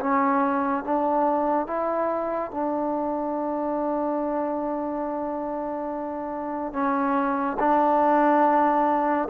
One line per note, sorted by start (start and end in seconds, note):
0.00 0.84 C#4
0.84 1.67 D4
1.67 2.51 E4
2.51 6.73 D4
6.73 7.57 C#4
7.59 9.28 D4